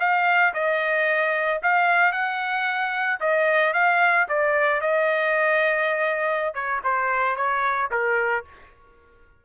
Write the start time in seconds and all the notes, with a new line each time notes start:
0.00 F5
0.54 D#5
1.63 F5
2.13 F#5
3.20 D#5
3.74 F5
4.29 D5
4.81 D#5
6.55 C#5
6.84 C5
7.37 C#5
7.91 A#4